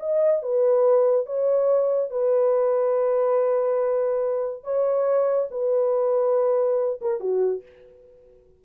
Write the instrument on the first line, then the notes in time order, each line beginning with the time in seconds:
horn
0.00 D#5
0.43 B4
1.26 C#5
2.11 B4
4.64 C#5
5.51 B4
7.01 A#4
7.20 F#4